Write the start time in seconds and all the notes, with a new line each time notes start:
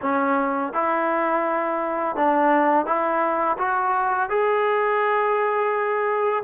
0.01 C#4
0.73 E4
2.16 D4
2.86 E4
3.58 F#4
4.29 G#4